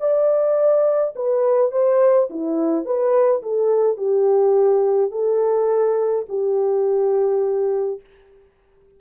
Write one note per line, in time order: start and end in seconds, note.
0.00 1.14 D5
1.16 1.72 B4
1.72 2.29 C5
2.30 2.85 E4
2.85 3.42 B4
3.43 3.97 A4
3.97 5.11 G4
5.11 6.26 A4
6.29 8.00 G4